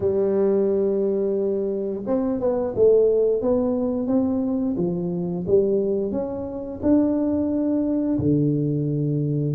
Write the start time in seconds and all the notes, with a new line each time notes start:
0.00 G3
2.06 C4
2.40 B3
2.75 A3
3.41 B3
4.07 C4
4.77 F3
5.46 G3
6.11 C#4
6.82 D4
8.18 D3